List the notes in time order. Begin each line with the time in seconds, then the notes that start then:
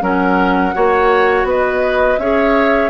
0.00 F#3 C#4 A#4 F#5
0.73 A#3 F#4 C#5
1.43 B3 B4
1.50 D#5
2.18 C#4 G#4 C#5 E5